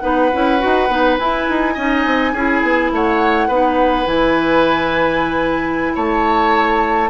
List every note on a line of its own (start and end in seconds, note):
0.00 0.31 B3
0.00 0.31 D#4
0.00 1.74 B4
0.00 1.15 F#5
0.33 0.63 C#4
0.33 0.59 E4
0.59 0.89 D#4
0.59 0.88 F#4
0.89 1.18 B3
0.89 1.19 D#4
1.19 1.48 E4
1.19 1.78 E4
1.19 2.92 G#5
1.49 1.77 D#4
1.74 2.06 C#4
1.74 2.35 D#4
1.74 2.32 D#5
2.06 2.33 C4
2.33 2.62 C#4
2.33 3.50 E4
2.33 2.91 G#4
2.62 2.91 B3
2.92 3.48 A3
2.92 3.48 C#5
2.92 4.07 F#5
3.48 4.06 B3
3.48 4.06 D#4
3.48 5.93 B4
4.06 5.94 E3
4.06 7.09 E4
4.06 5.95 G#5
5.96 7.10 A3
5.96 7.10 C#5
5.96 7.10 A5